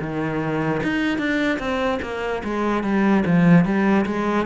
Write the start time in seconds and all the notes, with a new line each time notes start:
0.00 D#3
0.83 D#4
1.18 D4
1.58 C4
2.02 A#3
2.44 G#3
2.83 G3
3.25 F3
3.64 G3
4.05 G#3